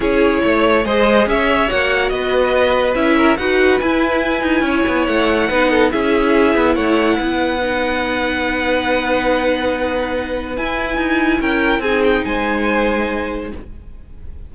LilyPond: <<
  \new Staff \with { instrumentName = "violin" } { \time 4/4 \tempo 4 = 142 cis''2 dis''4 e''4 | fis''4 dis''2 e''4 | fis''4 gis''2. | fis''2 e''2 |
fis''1~ | fis''1~ | fis''4 gis''2 g''4 | gis''8 g''8 gis''2. | }
  \new Staff \with { instrumentName = "violin" } { \time 4/4 gis'4 cis''4 c''4 cis''4~ | cis''4 b'2~ b'8 ais'8 | b'2. cis''4~ | cis''4 b'8 a'8 gis'2 |
cis''4 b'2.~ | b'1~ | b'2. ais'4 | gis'4 c''2. | }
  \new Staff \with { instrumentName = "viola" } { \time 4/4 e'2 gis'2 | fis'2. e'4 | fis'4 e'2.~ | e'4 dis'4 e'2~ |
e'2 dis'2~ | dis'1~ | dis'4 e'2. | dis'1 | }
  \new Staff \with { instrumentName = "cello" } { \time 4/4 cis'4 a4 gis4 cis'4 | ais4 b2 cis'4 | dis'4 e'4. dis'8 cis'8 b8 | a4 b4 cis'4. b8 |
a4 b2.~ | b1~ | b4 e'4 dis'4 cis'4 | c'4 gis2. | }
>>